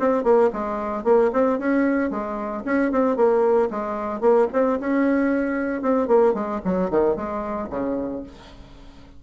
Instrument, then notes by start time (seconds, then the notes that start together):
bassoon
0.00 C4
0.24 A#3
0.53 G#3
1.05 A#3
1.33 C4
1.59 C#4
2.10 G#3
2.66 C#4
2.92 C4
3.16 A#3
3.70 G#3
4.21 A#3
4.53 C4
4.80 C#4
5.82 C4
6.08 A#3
6.34 G#3
6.65 F#3
6.91 D#3
7.16 G#3
7.70 C#3